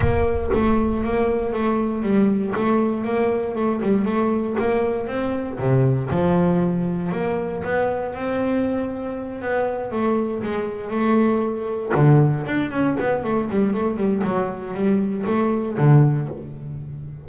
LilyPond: \new Staff \with { instrumentName = "double bass" } { \time 4/4 \tempo 4 = 118 ais4 a4 ais4 a4 | g4 a4 ais4 a8 g8 | a4 ais4 c'4 c4 | f2 ais4 b4 |
c'2~ c'8 b4 a8~ | a8 gis4 a2 d8~ | d8 d'8 cis'8 b8 a8 g8 a8 g8 | fis4 g4 a4 d4 | }